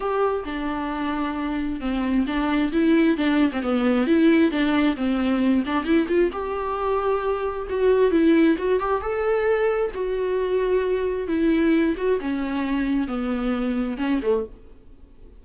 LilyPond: \new Staff \with { instrumentName = "viola" } { \time 4/4 \tempo 4 = 133 g'4 d'2. | c'4 d'4 e'4 d'8. c'16 | b4 e'4 d'4 c'4~ | c'8 d'8 e'8 f'8 g'2~ |
g'4 fis'4 e'4 fis'8 g'8 | a'2 fis'2~ | fis'4 e'4. fis'8 cis'4~ | cis'4 b2 cis'8 a8 | }